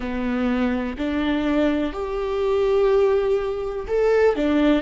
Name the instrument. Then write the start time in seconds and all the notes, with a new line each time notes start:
viola
0.00 B3
0.97 D4
1.93 G4
3.87 A4
4.35 D4